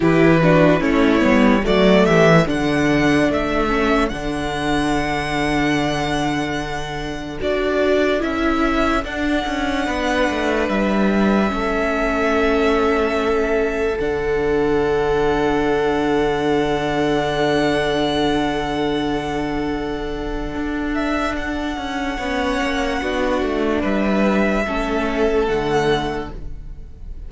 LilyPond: <<
  \new Staff \with { instrumentName = "violin" } { \time 4/4 \tempo 4 = 73 b'4 cis''4 d''8 e''8 fis''4 | e''4 fis''2.~ | fis''4 d''4 e''4 fis''4~ | fis''4 e''2.~ |
e''4 fis''2.~ | fis''1~ | fis''4. e''8 fis''2~ | fis''4 e''2 fis''4 | }
  \new Staff \with { instrumentName = "violin" } { \time 4/4 g'8 fis'8 e'4 fis'8 g'8 a'4~ | a'1~ | a'1 | b'2 a'2~ |
a'1~ | a'1~ | a'2. cis''4 | fis'4 b'4 a'2 | }
  \new Staff \with { instrumentName = "viola" } { \time 4/4 e'8 d'8 cis'8 b8 a4 d'4~ | d'8 cis'8 d'2.~ | d'4 fis'4 e'4 d'4~ | d'2 cis'2~ |
cis'4 d'2.~ | d'1~ | d'2. cis'4 | d'2 cis'4 a4 | }
  \new Staff \with { instrumentName = "cello" } { \time 4/4 e4 a8 g8 fis8 e8 d4 | a4 d2.~ | d4 d'4 cis'4 d'8 cis'8 | b8 a8 g4 a2~ |
a4 d2.~ | d1~ | d4 d'4. cis'8 b8 ais8 | b8 a8 g4 a4 d4 | }
>>